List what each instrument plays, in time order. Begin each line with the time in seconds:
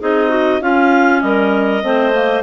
0.00 bassoon C4, clarinet D#4 G#4 D#5
0.29 clarinet F#4
0.61 bassoon C#4, clarinet C#4 F4 F5
1.22 bassoon G3, clarinet A#4 D#5
1.82 bassoon A3, clarinet C4 C5
2.13 clarinet A#3